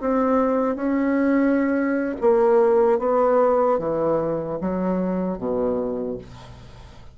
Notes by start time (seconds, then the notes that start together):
0.00 C4
0.75 C#4
2.20 A#3
2.99 B3
3.79 E3
4.61 F#3
5.38 B2